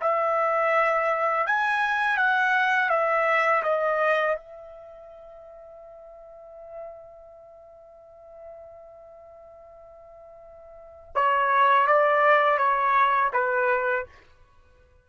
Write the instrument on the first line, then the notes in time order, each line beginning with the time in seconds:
trumpet
0.00 E5
1.46 G#5
2.17 F#5
2.89 E5
3.63 D#5
4.36 E5
11.15 C#5
11.87 D5
12.58 C#5
13.33 B4